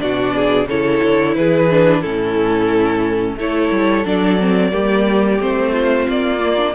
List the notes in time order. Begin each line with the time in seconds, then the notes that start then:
0.00 B2 D4 F#4 D5
0.35 G#4
0.66 C#3 E4 A4 C#5
1.04 D3
1.35 E3 G#4 B4
1.71 D4
2.01 A2 C#4 E4 A4
3.36 A3 E4 A4 C#5
3.71 G3
4.05 F#3 D4 D5
4.40 C4
4.72 G3 A#3 G4
5.40 A3 C4 C5
5.72 F4
6.08 A#3 D5
6.39 A#3
6.57 D4